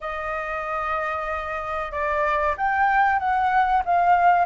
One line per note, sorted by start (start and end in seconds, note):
0.01 1.91 D#5
1.91 2.55 D5
2.57 3.19 G5
3.19 3.82 F#5
3.85 4.45 F5